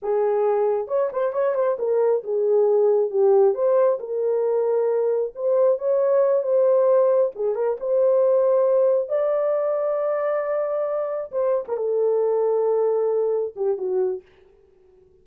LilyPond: \new Staff \with { instrumentName = "horn" } { \time 4/4 \tempo 4 = 135 gis'2 cis''8 c''8 cis''8 c''8 | ais'4 gis'2 g'4 | c''4 ais'2. | c''4 cis''4. c''4.~ |
c''8 gis'8 ais'8 c''2~ c''8~ | c''8 d''2.~ d''8~ | d''4. c''8. ais'16 a'4.~ | a'2~ a'8 g'8 fis'4 | }